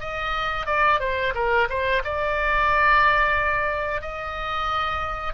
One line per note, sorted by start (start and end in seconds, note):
0.00 0.67 D#5
0.67 1.00 D5
1.00 1.33 C5
1.35 1.68 A#4
1.69 2.03 C5
2.05 4.02 D5
4.02 5.34 D#5